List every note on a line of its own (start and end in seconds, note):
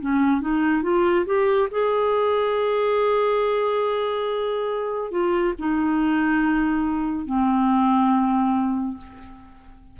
0.00 0.41 C#4
0.41 0.83 D#4
0.83 1.25 F4
1.26 1.69 G4
1.71 5.11 G#4
5.11 5.54 F4
5.58 7.26 D#4
7.26 8.97 C4